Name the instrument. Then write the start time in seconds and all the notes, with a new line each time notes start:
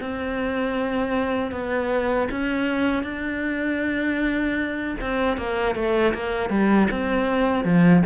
cello
0.00 C4
1.51 B3
2.31 C#4
3.03 D4
5.01 C4
5.37 A#3
5.75 A3
6.14 A#3
6.49 G3
6.91 C4
7.64 F3